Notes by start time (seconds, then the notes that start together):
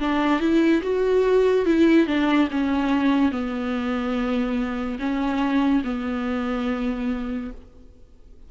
0.00 D4
0.40 E4
0.83 F#4
1.66 E4
2.07 D4
2.51 C#4
3.32 B3
4.99 C#4
5.84 B3